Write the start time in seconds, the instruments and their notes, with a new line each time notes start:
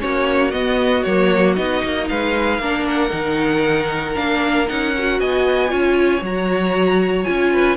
0.00 cello A#3, viola C#4, violin F#4 C#5
0.51 viola B3, cello B3, violin D#5
1.03 cello F#3, viola A#3, violin C#5
1.56 cello B3, viola D#4, violin D#5
1.84 cello A#3
2.09 cello G#3, violin B4 F5
2.59 cello A#3, viola D4, violin A#4
2.88 violin F#5
3.11 cello D#3, viola D#4
4.16 cello A#3, viola D4, violin F5
4.68 cello C#4, viola D#4, violin F#5
4.99 viola F#4
5.20 cello B3, violin D#5 G#5
5.69 cello C#4, viola F4, violin C#5
6.21 cello F#3, viola F#4, violin A#5
7.24 cello C#4, viola F4, violin G#5
7.53 violin B4